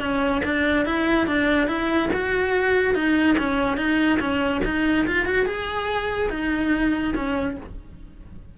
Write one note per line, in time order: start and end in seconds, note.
0.00 0.42 C#4
0.45 0.86 D4
0.86 1.27 E4
1.27 1.68 D4
1.68 2.10 E4
2.13 2.95 F#4
2.95 3.37 D#4
3.39 3.77 C#4
3.77 4.19 D#4
4.20 4.62 C#4
4.65 5.07 D#4
5.07 5.26 F4
5.26 5.46 F#4
5.46 6.30 G#4
6.30 7.14 D#4
7.15 7.57 C#4